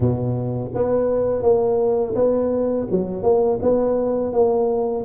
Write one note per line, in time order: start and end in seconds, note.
0.00 0.71 B2
0.74 1.42 B3
1.42 2.14 A#3
2.15 2.87 B3
2.90 3.23 F#3
3.23 3.59 A#3
3.62 4.32 B3
4.32 5.04 A#3